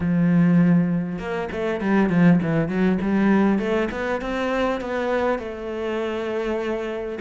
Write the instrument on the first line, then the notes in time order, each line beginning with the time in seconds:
cello
0.00 F3
1.18 A#3
1.52 A3
1.80 G3
2.09 F3
2.42 E3
2.68 F#3
3.01 G3
3.58 A3
3.91 B3
4.21 C4
4.80 B3
5.38 A3